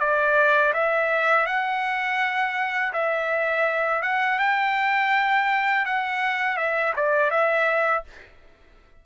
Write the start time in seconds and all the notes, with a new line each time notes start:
0.00 D5
0.74 E5
1.47 F#5
2.93 E5
4.03 F#5
4.39 G5
5.86 F#5
6.57 E5
6.96 D5
7.31 E5